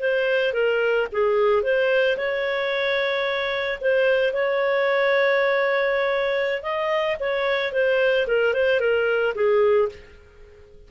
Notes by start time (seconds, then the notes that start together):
0.00 C5
0.53 A#4
1.12 G#4
1.63 C5
2.17 C#5
3.81 C5
4.34 C#5
6.63 D#5
7.20 C#5
7.73 C5
8.28 A#4
8.54 C5
8.80 A#4
9.35 G#4